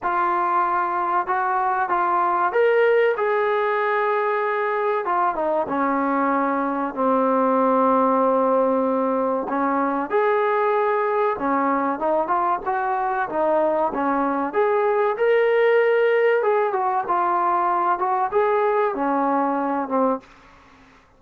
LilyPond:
\new Staff \with { instrumentName = "trombone" } { \time 4/4 \tempo 4 = 95 f'2 fis'4 f'4 | ais'4 gis'2. | f'8 dis'8 cis'2 c'4~ | c'2. cis'4 |
gis'2 cis'4 dis'8 f'8 | fis'4 dis'4 cis'4 gis'4 | ais'2 gis'8 fis'8 f'4~ | f'8 fis'8 gis'4 cis'4. c'8 | }